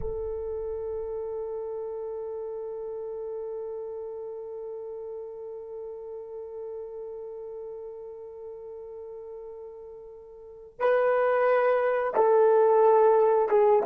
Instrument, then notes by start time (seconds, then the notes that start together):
horn
0.00 A4
10.79 B4
12.14 A4
13.48 G#4